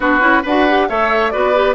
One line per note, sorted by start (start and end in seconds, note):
0.00 0.20 B3
0.00 0.20 D4
0.00 0.42 F#4
0.00 0.45 B4
0.20 0.42 C#4
0.20 0.42 E4
0.42 0.89 D4
0.42 0.68 F#4
0.42 0.86 B4
0.42 0.88 F#5
0.68 0.89 G4
0.88 1.33 A3
0.88 1.32 A4
0.88 1.32 C#5
0.88 1.30 E5
1.30 1.75 B3
1.30 1.54 F#4
1.30 1.75 B4
1.30 1.74 D5
1.54 1.75 G4